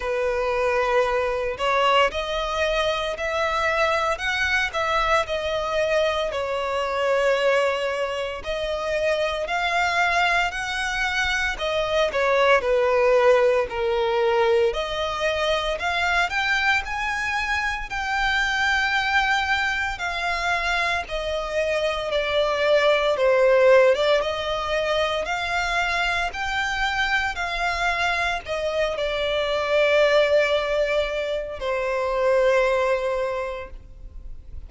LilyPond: \new Staff \with { instrumentName = "violin" } { \time 4/4 \tempo 4 = 57 b'4. cis''8 dis''4 e''4 | fis''8 e''8 dis''4 cis''2 | dis''4 f''4 fis''4 dis''8 cis''8 | b'4 ais'4 dis''4 f''8 g''8 |
gis''4 g''2 f''4 | dis''4 d''4 c''8. d''16 dis''4 | f''4 g''4 f''4 dis''8 d''8~ | d''2 c''2 | }